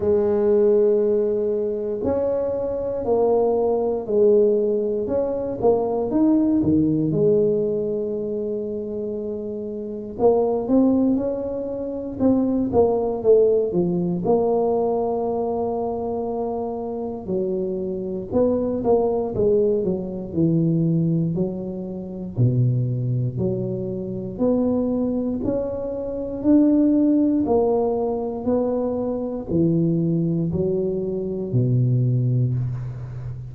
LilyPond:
\new Staff \with { instrumentName = "tuba" } { \time 4/4 \tempo 4 = 59 gis2 cis'4 ais4 | gis4 cis'8 ais8 dis'8 dis8 gis4~ | gis2 ais8 c'8 cis'4 | c'8 ais8 a8 f8 ais2~ |
ais4 fis4 b8 ais8 gis8 fis8 | e4 fis4 b,4 fis4 | b4 cis'4 d'4 ais4 | b4 e4 fis4 b,4 | }